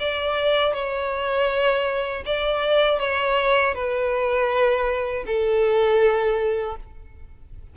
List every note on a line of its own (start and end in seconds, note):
0.00 0.74 D5
0.74 2.24 C#5
2.26 3.00 D5
3.00 3.75 C#5
3.75 5.25 B4
5.27 6.77 A4